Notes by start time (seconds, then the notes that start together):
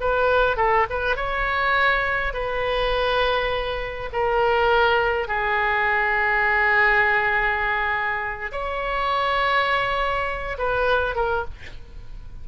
0.00 B4
0.56 A4
0.89 B4
1.16 C#5
2.33 B4
4.12 A#4
5.28 G#4
8.51 C#5
10.58 B4
11.15 A#4